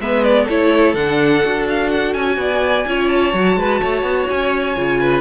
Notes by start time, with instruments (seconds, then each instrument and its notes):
0.00 cello G#3, viola B3, violin B4 E5
0.24 violin D5
0.44 cello A3, viola E4, violin A4 C#5
0.94 cello D3, viola D4, violin F#5
1.44 cello D4, viola F#4
1.69 violin F5
1.90 violin F#5
2.14 cello C#4, violin G#5
2.37 cello B3, violin D5
2.87 cello C#4, viola F4, violin C#5
3.08 violin A5
3.33 cello F#3, viola F#4
3.56 cello G#3, violin B4
3.80 cello A3, violin C#5
4.02 cello B3
4.29 cello C#4, violin G#5
4.75 cello C#3, viola F4
5.00 violin B4